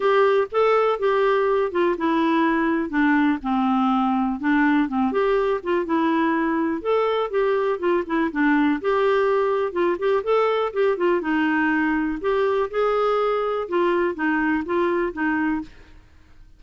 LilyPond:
\new Staff \with { instrumentName = "clarinet" } { \time 4/4 \tempo 4 = 123 g'4 a'4 g'4. f'8 | e'2 d'4 c'4~ | c'4 d'4 c'8 g'4 f'8 | e'2 a'4 g'4 |
f'8 e'8 d'4 g'2 | f'8 g'8 a'4 g'8 f'8 dis'4~ | dis'4 g'4 gis'2 | f'4 dis'4 f'4 dis'4 | }